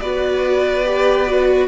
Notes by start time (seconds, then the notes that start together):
0.00 B3 F#4 B4 D5
0.85 G4
1.27 F#4